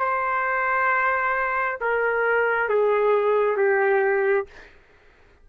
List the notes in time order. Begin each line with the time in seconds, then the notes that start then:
0.00 C5
1.81 A#4
2.69 G#4
3.57 G4